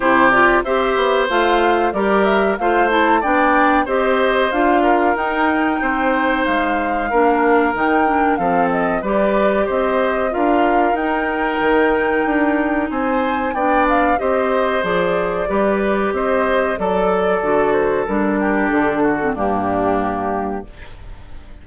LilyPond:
<<
  \new Staff \with { instrumentName = "flute" } { \time 4/4 \tempo 4 = 93 c''8 d''8 e''4 f''4 d''8 e''8 | f''8 a''8 g''4 dis''4 f''4 | g''2 f''2 | g''4 f''8 dis''8 d''4 dis''4 |
f''4 g''2. | gis''4 g''8 f''8 dis''4 d''4~ | d''4 dis''4 d''4. c''8 | ais'4 a'4 g'2 | }
  \new Staff \with { instrumentName = "oboe" } { \time 4/4 g'4 c''2 ais'4 | c''4 d''4 c''4. ais'8~ | ais'4 c''2 ais'4~ | ais'4 a'4 b'4 c''4 |
ais'1 | c''4 d''4 c''2 | b'4 c''4 a'2~ | a'8 g'4 fis'8 d'2 | }
  \new Staff \with { instrumentName = "clarinet" } { \time 4/4 e'8 f'8 g'4 f'4 g'4 | f'8 e'8 d'4 g'4 f'4 | dis'2. d'4 | dis'8 d'8 c'4 g'2 |
f'4 dis'2.~ | dis'4 d'4 g'4 gis'4 | g'2 a'4 fis'4 | d'4.~ d'16 c'16 ais2 | }
  \new Staff \with { instrumentName = "bassoon" } { \time 4/4 c4 c'8 b8 a4 g4 | a4 b4 c'4 d'4 | dis'4 c'4 gis4 ais4 | dis4 f4 g4 c'4 |
d'4 dis'4 dis4 d'4 | c'4 b4 c'4 f4 | g4 c'4 fis4 d4 | g4 d4 g,2 | }
>>